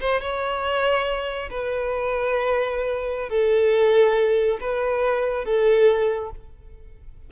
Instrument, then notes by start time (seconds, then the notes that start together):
violin
0.00 C5
0.21 C#5
1.50 B4
3.29 A4
4.61 B4
5.45 A4